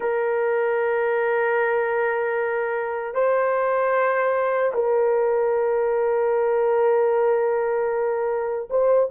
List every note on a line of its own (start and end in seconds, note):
0.00 3.14 A#4
3.14 4.72 C5
4.74 8.68 A#4
8.69 9.09 C5